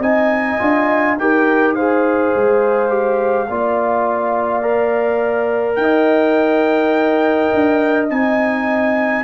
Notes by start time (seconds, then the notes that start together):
0.00 C4 D#4 D#5 G#5
0.59 D4 F4
1.18 D#4 G4 A#4 G5
1.75 G#4 C5 F5
2.36 G#3
2.89 G4
3.49 A#3 F4 D5
4.63 A#4
5.76 D#4 D#5 G5
7.54 D4
8.10 C4 D#4 G#5